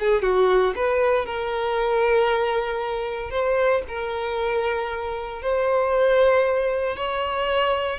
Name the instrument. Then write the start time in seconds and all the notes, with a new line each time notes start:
violin
0.00 G#4
0.23 F#4
0.76 B4
1.26 A#4
3.31 C5
3.89 A#4
5.42 C5
6.97 C#5